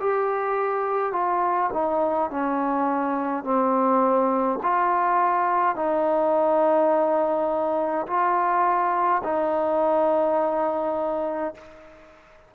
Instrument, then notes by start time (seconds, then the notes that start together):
trombone
0.00 G4
1.13 F4
1.74 D#4
2.30 C#4
3.44 C4
4.63 F4
5.76 D#4
8.07 F4
9.24 D#4